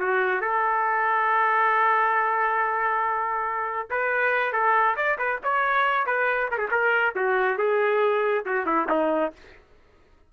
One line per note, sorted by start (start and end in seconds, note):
0.00 0.41 F#4
0.41 3.89 A4
3.90 4.53 B4
4.53 4.96 A4
4.96 5.18 D5
5.18 5.40 B4
5.44 6.07 C#5
6.07 6.50 B4
6.51 6.58 A#4
6.58 6.69 G#4
6.71 7.15 A#4
7.16 7.58 F#4
7.58 8.45 G#4
8.46 8.66 F#4
8.66 8.88 E4
8.90 9.33 D#4